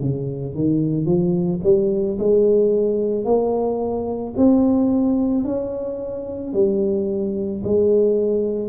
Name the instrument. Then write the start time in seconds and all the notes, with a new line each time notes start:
tuba
0.00 C#3
0.55 D#3
1.06 F3
1.64 G3
2.19 G#3
3.25 A#3
4.37 C4
5.44 C#4
6.54 G3
7.64 G#3